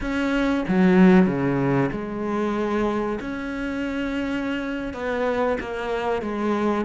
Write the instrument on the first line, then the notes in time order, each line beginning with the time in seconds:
cello
0.00 C#4
0.68 F#3
1.26 C#3
1.91 G#3
3.20 C#4
4.93 B3
5.60 A#3
6.21 G#3